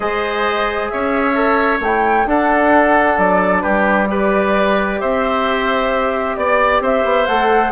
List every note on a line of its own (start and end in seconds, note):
0.00 0.91 G#3
0.00 1.34 G#4
0.00 0.91 C5
0.00 0.88 D#5
0.88 1.80 C#4
0.88 2.27 C#5
0.88 1.79 E5
1.34 1.79 A4
1.80 2.25 A3
1.80 2.26 E4
1.80 2.27 G5
2.26 4.07 D4
2.26 3.17 D4
2.26 3.62 A4
2.26 3.18 F#5
3.18 3.63 F#3
3.18 3.61 D5
3.61 5.01 G3
3.61 4.07 G4
3.61 4.07 B4
4.07 7.25 G4
4.07 5.00 B4
4.07 5.00 D5
5.00 6.37 C4
5.00 6.36 C5
5.00 6.36 E5
6.36 6.80 B3
6.36 6.81 D5
6.36 6.82 D5
6.80 7.03 C4
6.80 7.71 C5
6.80 7.26 E5
7.04 7.27 B3
7.26 7.71 A3
7.26 7.71 A4
7.26 7.71 F#5